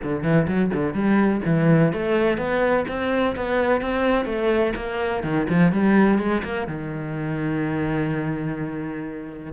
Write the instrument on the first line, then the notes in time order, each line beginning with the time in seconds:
cello
0.02 D3
0.23 E3
0.47 F#3
0.73 D3
0.93 G3
1.45 E3
1.92 A3
2.37 B3
2.88 C4
3.35 B3
3.81 C4
4.25 A3
4.75 A#3
5.23 D#3
5.49 F3
5.72 G3
6.18 G#3
6.43 A#3
6.67 D#3